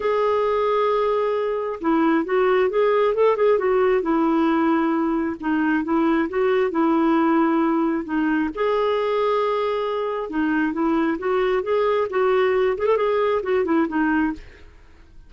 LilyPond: \new Staff \with { instrumentName = "clarinet" } { \time 4/4 \tempo 4 = 134 gis'1 | e'4 fis'4 gis'4 a'8 gis'8 | fis'4 e'2. | dis'4 e'4 fis'4 e'4~ |
e'2 dis'4 gis'4~ | gis'2. dis'4 | e'4 fis'4 gis'4 fis'4~ | fis'8 gis'16 a'16 gis'4 fis'8 e'8 dis'4 | }